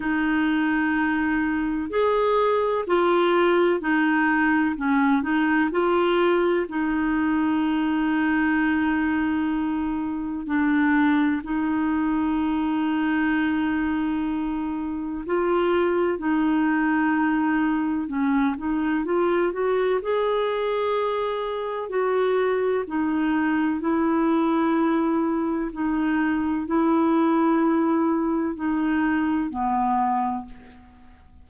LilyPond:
\new Staff \with { instrumentName = "clarinet" } { \time 4/4 \tempo 4 = 63 dis'2 gis'4 f'4 | dis'4 cis'8 dis'8 f'4 dis'4~ | dis'2. d'4 | dis'1 |
f'4 dis'2 cis'8 dis'8 | f'8 fis'8 gis'2 fis'4 | dis'4 e'2 dis'4 | e'2 dis'4 b4 | }